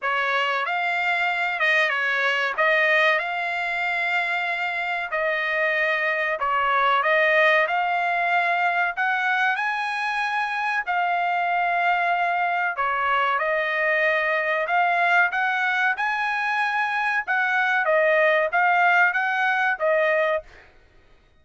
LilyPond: \new Staff \with { instrumentName = "trumpet" } { \time 4/4 \tempo 4 = 94 cis''4 f''4. dis''8 cis''4 | dis''4 f''2. | dis''2 cis''4 dis''4 | f''2 fis''4 gis''4~ |
gis''4 f''2. | cis''4 dis''2 f''4 | fis''4 gis''2 fis''4 | dis''4 f''4 fis''4 dis''4 | }